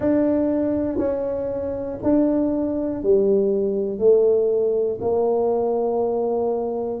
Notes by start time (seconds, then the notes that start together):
0.00 D4
0.97 C#4
2.02 D4
3.02 G3
3.99 A3
5.00 A#3